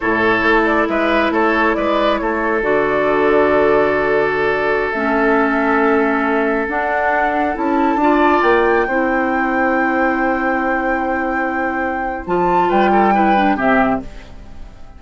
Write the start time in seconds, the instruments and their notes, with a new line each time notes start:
0.00 bassoon A2, clarinet E4, oboe A4, flute C#5
0.43 bassoon A3
0.65 flute D5
0.88 bassoon G#3, oboe B4, flute E5
1.30 bassoon A3, oboe A4, flute C#5
1.74 bassoon G#3, oboe B4, flute D5
2.17 bassoon A3, oboe A4, flute C#5
2.61 bassoon D3, clarinet F#4, flute D5
4.91 bassoon A3, clarinet C#4, flute E5
6.68 bassoon D4, clarinet D4, flute F#5
7.54 bassoon C#4, clarinet E4, flute A5
7.95 bassoon D4, clarinet F4
8.02 oboe D5
8.42 bassoon A#3, flute G5
8.87 bassoon C4, clarinet E4, oboe C5
12.26 bassoon F3, clarinet F4, flute A5
12.68 bassoon G3, oboe B4, flute G5
12.91 oboe A4
13.14 clarinet E4, oboe B4
13.36 clarinet D4
13.56 bassoon C3, clarinet C4, oboe G4, flute E5